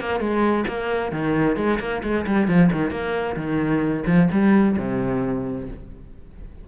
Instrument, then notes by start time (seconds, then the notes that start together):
cello
0.00 A#3
0.19 G#3
0.67 A#3
1.12 D#3
1.56 G#3
1.80 A#3
2.03 G#3
2.26 G3
2.48 F3
2.72 D#3
2.90 A#3
3.36 D#3
4.06 F3
4.32 G3
4.78 C3